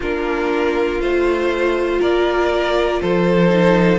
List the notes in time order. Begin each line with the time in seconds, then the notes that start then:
0.00 A#3 D4 F4 A#4
0.99 A3 F4 C5
2.00 A#3 A#4 D5
3.01 F3 A4 C5
3.49 D#4